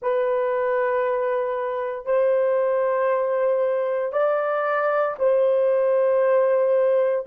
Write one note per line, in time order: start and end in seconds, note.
0.01 2.05 B4
2.05 4.12 C5
4.12 5.15 D5
5.18 7.25 C5